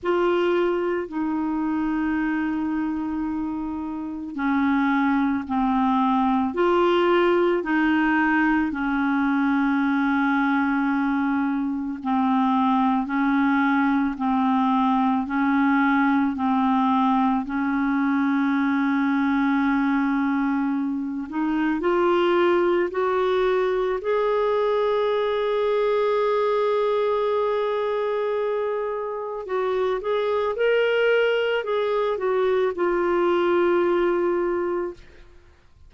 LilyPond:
\new Staff \with { instrumentName = "clarinet" } { \time 4/4 \tempo 4 = 55 f'4 dis'2. | cis'4 c'4 f'4 dis'4 | cis'2. c'4 | cis'4 c'4 cis'4 c'4 |
cis'2.~ cis'8 dis'8 | f'4 fis'4 gis'2~ | gis'2. fis'8 gis'8 | ais'4 gis'8 fis'8 f'2 | }